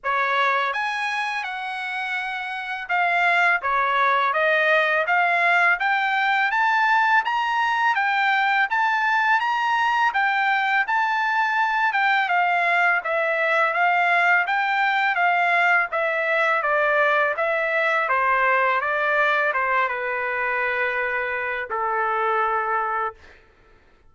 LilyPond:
\new Staff \with { instrumentName = "trumpet" } { \time 4/4 \tempo 4 = 83 cis''4 gis''4 fis''2 | f''4 cis''4 dis''4 f''4 | g''4 a''4 ais''4 g''4 | a''4 ais''4 g''4 a''4~ |
a''8 g''8 f''4 e''4 f''4 | g''4 f''4 e''4 d''4 | e''4 c''4 d''4 c''8 b'8~ | b'2 a'2 | }